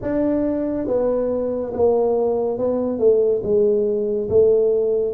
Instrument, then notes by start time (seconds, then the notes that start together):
tuba
0.02 D4
0.86 B3
1.73 A#3
2.58 B3
2.98 A3
3.43 G#3
4.29 A3